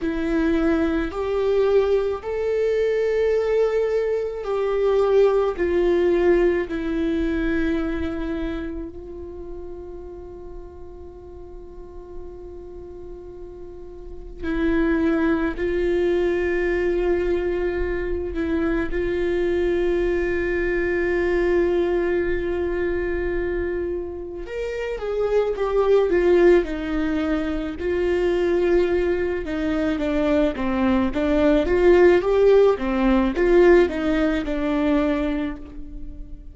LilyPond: \new Staff \with { instrumentName = "viola" } { \time 4/4 \tempo 4 = 54 e'4 g'4 a'2 | g'4 f'4 e'2 | f'1~ | f'4 e'4 f'2~ |
f'8 e'8 f'2.~ | f'2 ais'8 gis'8 g'8 f'8 | dis'4 f'4. dis'8 d'8 c'8 | d'8 f'8 g'8 c'8 f'8 dis'8 d'4 | }